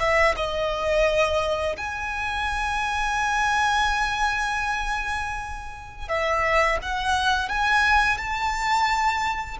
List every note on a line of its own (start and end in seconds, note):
0.00 0.35 E5
0.36 1.76 D#5
1.77 6.09 G#5
6.09 6.78 E5
6.82 7.49 F#5
7.49 8.18 G#5
8.18 9.57 A5